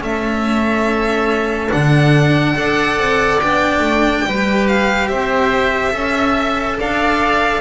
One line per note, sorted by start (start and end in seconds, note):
0.00 1.71 A3
0.00 1.69 C#4
0.00 2.60 A4
0.00 1.72 E5
1.71 2.57 D3
1.71 2.56 D4
1.71 3.41 F#5
2.56 2.98 D4
2.56 3.40 A4
2.56 4.29 D5
2.98 3.40 C4
3.41 3.80 B3
3.41 4.27 D4
3.41 4.68 G5
3.80 4.22 A3
4.27 5.10 G3
4.27 5.91 G4
4.27 5.11 B4
4.68 5.09 F5
5.09 5.94 C4
5.09 5.93 C5
5.09 6.78 E5
5.91 6.79 C#4
5.91 7.60 A4
5.91 6.78 E5
6.79 7.62 D4
6.79 7.62 D5
6.79 7.62 F5